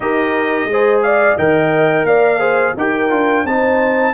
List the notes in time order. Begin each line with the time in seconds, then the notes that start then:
0.00 D#4 G4 A#4 D#5
0.65 G#3
0.71 G#4 C5
1.02 D5 F5
1.36 D#3 A#4 D#5 G5
2.04 A#3 D5 F5
2.39 G#4 C5
2.77 D#4 G4 A#4 G5
3.09 D4 F4
3.44 C4 D#4 C5 A5